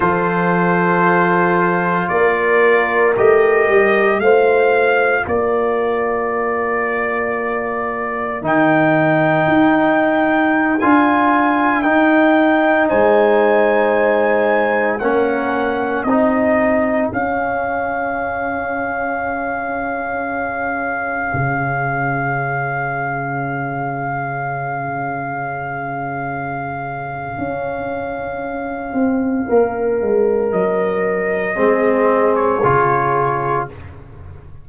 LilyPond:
<<
  \new Staff \with { instrumentName = "trumpet" } { \time 4/4 \tempo 4 = 57 c''2 d''4 dis''4 | f''4 d''2. | g''2~ g''16 gis''4 g''8.~ | g''16 gis''2 fis''4 dis''8.~ |
dis''16 f''2.~ f''8.~ | f''1~ | f''1~ | f''4 dis''4.~ dis''16 cis''4~ cis''16 | }
  \new Staff \with { instrumentName = "horn" } { \time 4/4 a'2 ais'2 | c''4 ais'2.~ | ais'1~ | ais'16 c''2 ais'4 gis'8.~ |
gis'1~ | gis'1~ | gis'1 | ais'2 gis'2 | }
  \new Staff \with { instrumentName = "trombone" } { \time 4/4 f'2. g'4 | f'1 | dis'2~ dis'16 f'4 dis'8.~ | dis'2~ dis'16 cis'4 dis'8.~ |
dis'16 cis'2.~ cis'8.~ | cis'1~ | cis'1~ | cis'2 c'4 f'4 | }
  \new Staff \with { instrumentName = "tuba" } { \time 4/4 f2 ais4 a8 g8 | a4 ais2. | dis4 dis'4~ dis'16 d'4 dis'8.~ | dis'16 gis2 ais4 c'8.~ |
c'16 cis'2.~ cis'8.~ | cis'16 cis2.~ cis8.~ | cis2 cis'4. c'8 | ais8 gis8 fis4 gis4 cis4 | }
>>